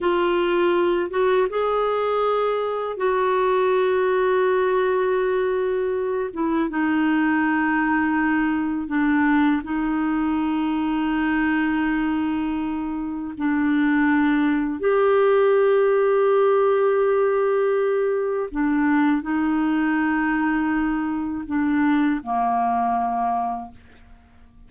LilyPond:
\new Staff \with { instrumentName = "clarinet" } { \time 4/4 \tempo 4 = 81 f'4. fis'8 gis'2 | fis'1~ | fis'8 e'8 dis'2. | d'4 dis'2.~ |
dis'2 d'2 | g'1~ | g'4 d'4 dis'2~ | dis'4 d'4 ais2 | }